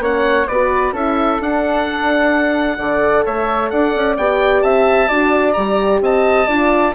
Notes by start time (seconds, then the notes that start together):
0.00 A#3 C#4 C#5 F#5
0.48 B3 F#4 B4 D5
0.93 C#4 E4 A4 E5
1.41 D4 F#5
2.78 D3 A4 D5
3.25 A3 C#5 E5
3.70 D4 D5 F#5
3.95 C#4
4.17 B3 G4 G5
4.62 C4 E5 A5
5.08 D4 F#4 D5
5.54 G3 G4 A#5
6.01 C4 D#5 A5
6.48 D4 F4 D5